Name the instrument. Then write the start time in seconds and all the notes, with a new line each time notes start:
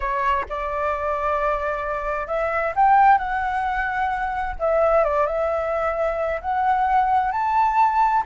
flute
0.00 C#5
0.49 D5
2.27 E5
2.75 G5
3.18 F#5
4.59 E5
5.04 D5
5.26 E5
6.41 F#5
7.31 A5